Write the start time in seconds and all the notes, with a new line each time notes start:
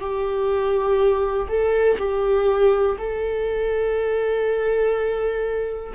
0.00 G4
1.48 A4
1.99 G4
2.98 A4